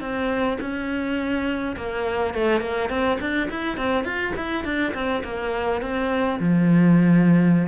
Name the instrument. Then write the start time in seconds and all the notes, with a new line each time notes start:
cello
0.00 C4
0.60 C#4
1.76 A#3
2.34 A3
2.60 A#3
2.89 C4
3.20 D4
3.50 E4
3.77 C4
4.04 F4
4.36 E4
4.64 D4
4.94 C4
5.24 A#3
5.81 C4
6.39 F3